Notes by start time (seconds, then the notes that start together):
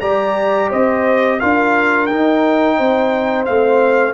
0.00 G3 G4 D5 A#5
0.69 C4 C5 D#5
1.39 D4 F4 A#4 F5
2.06 D#4 G5
2.77 C4 C5
3.45 A3 C4 F5